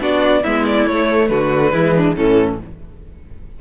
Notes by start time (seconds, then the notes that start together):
0.00 B3 D4 F#4 D5
0.43 G#3 B3 E4 E5
0.67 D5
0.87 A3 C#5
1.28 D3 F#4 B4
1.72 E3 G#3 E4
1.96 D4
2.16 A2 E3 C#4 A4